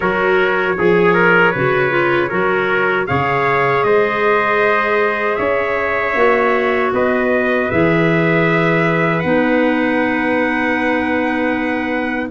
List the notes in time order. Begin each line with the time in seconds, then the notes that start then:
0.00 F#3 F#4 A#4 C#5
0.77 F3 G#4
1.14 A#4
1.51 C#3 F#4 B4
1.89 F4
2.29 F#3 F#4 A#4
3.06 C#3 G#4 C#5 F5
3.83 G#3 C5 D#5
5.35 C#4 C#5 E5
6.14 A#3 F#4
6.92 B3 B4 D#5
7.71 E3 G#4 E5
9.20 B3 D#4 F#5